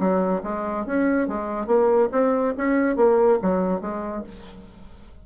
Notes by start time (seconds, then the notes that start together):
0.00 F#3
0.44 G#3
0.86 C#4
1.28 G#3
1.67 A#3
2.12 C4
2.58 C#4
2.97 A#3
3.43 F#3
3.81 G#3